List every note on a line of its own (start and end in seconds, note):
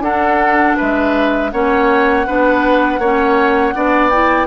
0.00 0.74 D4
0.00 1.52 D4
0.00 0.77 A4
0.00 0.77 F#5
0.77 1.53 G#3
0.77 1.51 B4
0.77 1.51 E5
1.51 2.27 A#3
1.51 2.26 C#4
1.51 2.27 C#5
1.51 4.10 F#5
2.27 2.99 B3
2.27 3.01 D4
2.27 3.00 B4
2.99 3.73 A#3
2.99 3.74 C#4
2.99 3.74 C#5
3.74 4.47 B3
3.74 4.11 D4
3.74 4.47 D5
4.10 4.47 E4
4.10 4.47 G5